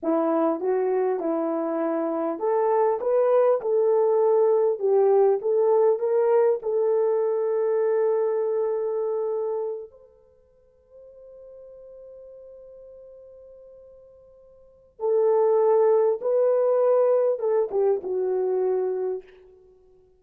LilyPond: \new Staff \with { instrumentName = "horn" } { \time 4/4 \tempo 4 = 100 e'4 fis'4 e'2 | a'4 b'4 a'2 | g'4 a'4 ais'4 a'4~ | a'1~ |
a'8 c''2.~ c''8~ | c''1~ | c''4 a'2 b'4~ | b'4 a'8 g'8 fis'2 | }